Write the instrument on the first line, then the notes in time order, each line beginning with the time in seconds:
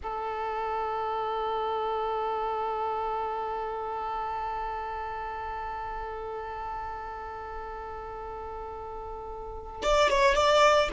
violin
0.02 A4
9.82 D5
10.09 C#5
10.35 D5